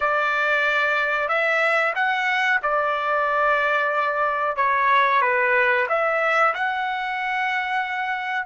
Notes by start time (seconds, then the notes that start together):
0.00 D5
1.28 E5
1.95 F#5
2.62 D5
4.56 C#5
5.21 B4
5.88 E5
6.54 F#5